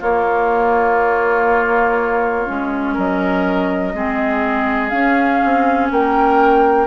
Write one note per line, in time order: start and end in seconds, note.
0.00 2.46 A#3
0.00 2.48 A#3
0.00 2.94 F4
0.00 2.96 C#5
2.46 2.97 G#3
2.46 3.94 C#4
2.94 3.94 F#3
2.94 3.92 A#4
2.94 4.89 D#5
3.94 4.92 G#3
3.94 4.91 C4
3.94 5.92 G#4
4.89 6.87 C#4
4.89 5.42 C#4
4.89 5.87 F5
5.44 5.91 C4
5.91 6.87 A#3
5.91 6.87 A#4
5.91 6.87 G5